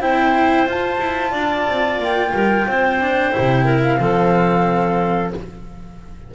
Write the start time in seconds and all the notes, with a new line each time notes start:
0.00 C4 E4 C5 G5
0.65 F4 A5
0.99 E4
1.31 D4 D5
1.68 C4
1.98 A#3 G5
2.33 G3 A#4
2.67 C4 C5
3.00 D4
3.32 C3 E4
3.65 A#4
3.82 F5
3.99 F3 C4 A4